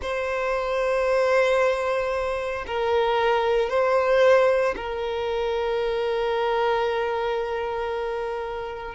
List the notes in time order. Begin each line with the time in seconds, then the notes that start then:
0.02 C5
2.66 A#4
3.69 C5
4.76 A#4